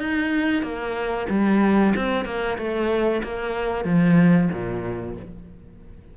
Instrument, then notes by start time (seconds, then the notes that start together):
cello
0.00 D#4
0.63 A#3
1.30 G3
1.96 C4
2.26 A#3
2.58 A3
3.24 A#3
3.85 F3
4.52 A#2